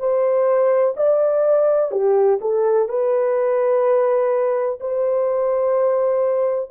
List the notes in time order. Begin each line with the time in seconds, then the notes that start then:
0.00 C5
0.97 D5
1.92 G4
2.42 A4
2.89 B4
4.81 C5